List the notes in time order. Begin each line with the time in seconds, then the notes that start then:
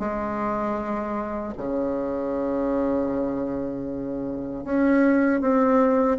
0.00 G#3
1.58 C#3
4.65 C#4
5.42 C4